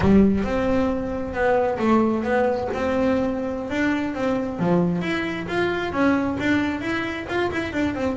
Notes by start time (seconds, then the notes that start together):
0.00 G3
0.44 C4
1.33 B3
1.78 A3
2.23 B3
2.73 C4
3.70 D4
4.14 C4
4.59 F3
5.01 E4
5.47 F4
5.92 C#4
6.39 D4
6.81 E4
7.28 F4
7.51 E4
7.72 D4
7.94 C4